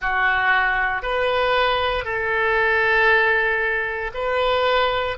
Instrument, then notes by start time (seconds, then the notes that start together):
oboe
0.00 F#4
1.02 B4
2.04 A4
4.14 B4